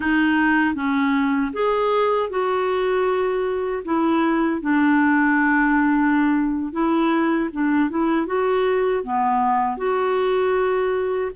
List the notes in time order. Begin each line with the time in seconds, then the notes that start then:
0.00 D#4
0.74 C#4
1.53 G#4
2.29 F#4
3.85 E4
4.61 D4
6.72 E4
7.52 D4
7.90 E4
8.26 F#4
9.03 B3
9.77 F#4